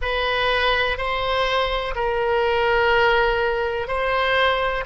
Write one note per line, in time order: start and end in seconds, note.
0.01 0.97 B4
0.97 1.94 C5
1.95 3.87 A#4
3.87 4.84 C5